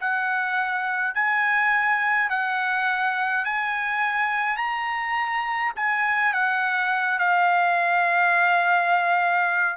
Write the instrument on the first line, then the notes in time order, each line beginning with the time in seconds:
trumpet
0.00 F#5
1.14 G#5
2.29 F#5
3.44 G#5
4.57 A#5
5.76 G#5
6.33 F#5
7.18 F5